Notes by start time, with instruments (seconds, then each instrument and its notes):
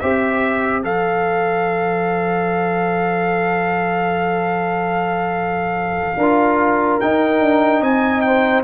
0.00 tuba C4, trombone G4, horn C5, trumpet E5
0.83 tuba F3, trombone A4, trumpet F5
6.17 tuba D4, trombone F4, horn A#4
7.01 trombone D#4, tuba D#4, trumpet G5
7.41 tuba D4
7.81 tuba C4, horn D#5, trumpet G#5
8.21 horn C5, trumpet G5